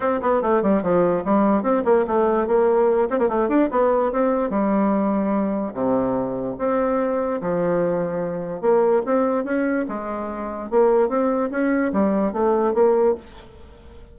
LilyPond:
\new Staff \with { instrumentName = "bassoon" } { \time 4/4 \tempo 4 = 146 c'8 b8 a8 g8 f4 g4 | c'8 ais8 a4 ais4. c'16 ais16 | a8 d'8 b4 c'4 g4~ | g2 c2 |
c'2 f2~ | f4 ais4 c'4 cis'4 | gis2 ais4 c'4 | cis'4 g4 a4 ais4 | }